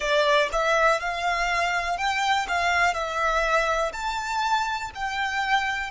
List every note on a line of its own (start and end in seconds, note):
0.00 0.49 D5
0.52 1.00 E5
1.00 1.97 F5
1.97 2.46 G5
2.48 2.93 F5
2.93 3.92 E5
3.92 4.90 A5
4.94 5.90 G5